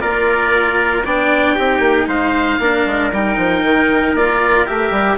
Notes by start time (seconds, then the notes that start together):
0.00 A#3 F4 A#4 D5
1.05 B3 D4 D5 G5
1.55 C4 D#4 G4
1.79 A#3
2.07 G#3 C5 F5
2.59 A#3 D4 A#4
2.86 G#3
3.12 G3 D#4 G5
3.37 F3
3.63 D#3
4.14 A#3 F4 D5
4.66 A3 G4 E5
4.91 G3